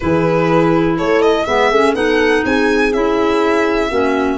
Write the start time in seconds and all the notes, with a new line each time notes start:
0.00 E3 E4 G#4 B4
0.97 A3 A4 C#5
1.21 D#5
1.45 G#3 B3 B4 E5
1.70 A3 C#4 G#4
1.94 B3 D#4 A4 F#5
2.45 C4 G#4 G#5
2.92 C#4 E4 E5
3.89 A#3 C#4 F#4